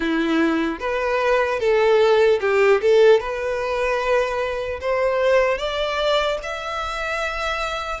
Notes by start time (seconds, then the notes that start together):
0.00 E4
0.79 B4
1.59 A4
2.40 G4
2.81 A4
3.20 B4
4.80 C5
5.58 D5
6.43 E5